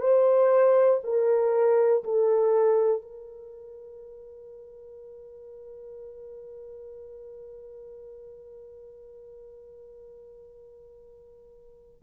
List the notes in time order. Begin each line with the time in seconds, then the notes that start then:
0.00 C5
1.04 A#4
2.05 A4
3.02 A#4